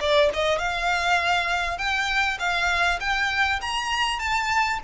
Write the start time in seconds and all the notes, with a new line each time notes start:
0.00 D5
0.34 D#5
0.58 F5
1.78 G5
2.39 F5
3.00 G5
3.62 A#5
4.19 A5